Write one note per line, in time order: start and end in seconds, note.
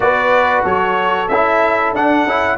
0.00 0.63 B3
0.00 1.28 F#4
0.00 0.63 B4
0.00 0.64 D5
0.63 1.28 F#3
0.63 2.57 A4
0.63 1.28 C#5
1.28 1.92 C#4
1.28 1.95 E4
1.28 1.92 E5
1.92 2.24 D4
1.92 2.28 D4
1.92 2.57 F#5
2.24 2.57 C#4
2.24 2.57 E4